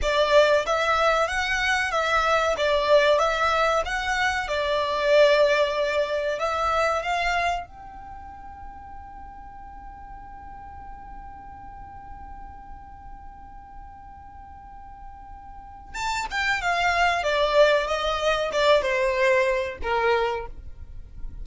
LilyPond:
\new Staff \with { instrumentName = "violin" } { \time 4/4 \tempo 4 = 94 d''4 e''4 fis''4 e''4 | d''4 e''4 fis''4 d''4~ | d''2 e''4 f''4 | g''1~ |
g''1~ | g''1~ | g''4 a''8 g''8 f''4 d''4 | dis''4 d''8 c''4. ais'4 | }